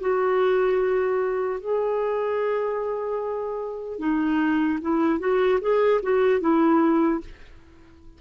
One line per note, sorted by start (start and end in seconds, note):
0.00 1.60 F#4
1.60 3.99 G#4
3.99 4.79 D#4
4.81 5.19 E4
5.19 5.59 F#4
5.60 6.00 G#4
6.02 6.40 F#4
6.40 7.20 E4